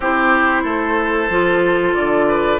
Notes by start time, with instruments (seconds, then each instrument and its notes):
0.00 bassoon C4, clarinet E4, oboe G4, flute C5
0.62 bassoon A3, oboe A4
1.29 bassoon F3, clarinet F4
1.94 bassoon D3, flute D5
2.28 oboe B4